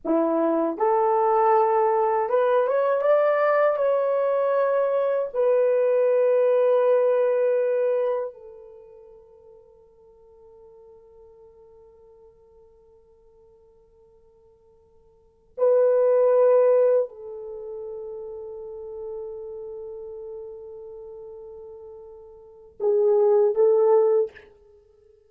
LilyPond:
\new Staff \with { instrumentName = "horn" } { \time 4/4 \tempo 4 = 79 e'4 a'2 b'8 cis''8 | d''4 cis''2 b'4~ | b'2. a'4~ | a'1~ |
a'1~ | a'8 b'2 a'4.~ | a'1~ | a'2 gis'4 a'4 | }